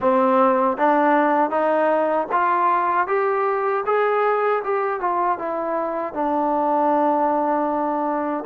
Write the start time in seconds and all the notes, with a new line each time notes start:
0.00 C4
0.77 D4
1.50 D#4
2.32 F4
3.07 G4
3.86 G#4
4.64 G4
5.00 F4
5.38 E4
6.13 D4